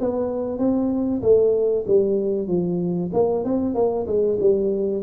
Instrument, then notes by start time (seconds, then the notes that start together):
tuba
0.00 B3
0.59 C4
1.22 A3
1.87 G3
2.48 F3
3.13 A#3
3.44 C4
3.75 A#3
4.07 G#3
4.40 G3